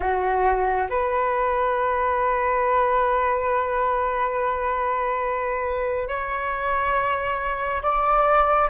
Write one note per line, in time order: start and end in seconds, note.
0.00 0.87 F#4
0.89 6.08 B4
6.08 7.82 C#5
7.82 8.69 D5